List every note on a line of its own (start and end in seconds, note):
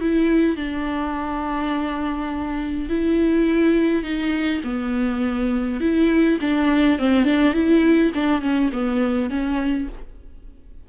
0.00 0.56 E4
0.56 2.89 D4
2.89 4.03 E4
4.03 4.61 D#4
4.64 5.80 B3
5.80 6.39 E4
6.41 6.98 D4
6.98 7.24 C4
7.24 7.53 D4
7.54 8.12 E4
8.14 8.41 D4
8.41 8.70 C#4
8.72 9.30 B3
9.30 9.88 C#4